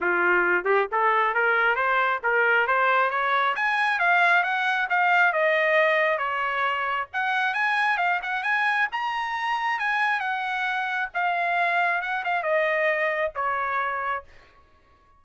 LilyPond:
\new Staff \with { instrumentName = "trumpet" } { \time 4/4 \tempo 4 = 135 f'4. g'8 a'4 ais'4 | c''4 ais'4 c''4 cis''4 | gis''4 f''4 fis''4 f''4 | dis''2 cis''2 |
fis''4 gis''4 f''8 fis''8 gis''4 | ais''2 gis''4 fis''4~ | fis''4 f''2 fis''8 f''8 | dis''2 cis''2 | }